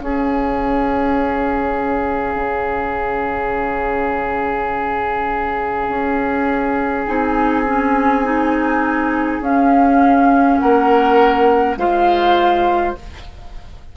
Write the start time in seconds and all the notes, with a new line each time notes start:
0.00 C#4 G#4 F5
2.35 C#3
5.88 C#4
7.06 C4 D#4 G#5
7.66 C#4
8.24 D#4
9.40 C#4 F5
10.58 A#3 A#4 F#5
11.76 G#3 F4 C5 F5